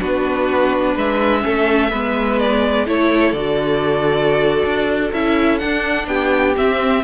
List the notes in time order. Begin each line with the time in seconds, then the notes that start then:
0.00 B3 D4 F#4 B4
0.94 G#3 B4 E5
1.41 A3 C#4 A4
1.90 G#3 B3 B4
2.39 D5
2.86 A3 E4 A4 C#5
3.33 D3 F#4 D5
4.64 D4
5.13 C#4 E4 E5
5.59 D4 F#5
6.07 B3 G4 G5
6.57 C4 E5